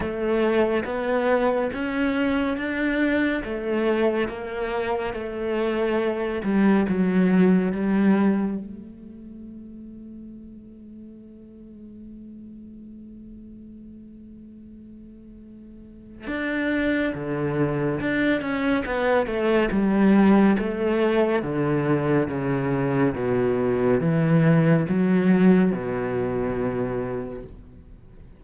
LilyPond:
\new Staff \with { instrumentName = "cello" } { \time 4/4 \tempo 4 = 70 a4 b4 cis'4 d'4 | a4 ais4 a4. g8 | fis4 g4 a2~ | a1~ |
a2. d'4 | d4 d'8 cis'8 b8 a8 g4 | a4 d4 cis4 b,4 | e4 fis4 b,2 | }